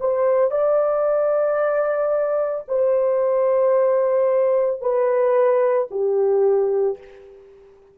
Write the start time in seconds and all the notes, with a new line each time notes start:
0.00 C5
0.51 D5
2.68 C5
4.81 B4
5.91 G4